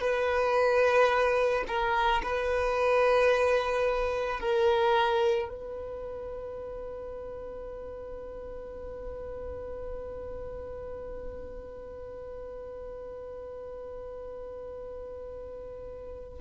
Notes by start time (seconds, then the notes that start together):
0.00 B4
1.68 A#4
2.23 B4
4.40 A#4
5.48 B4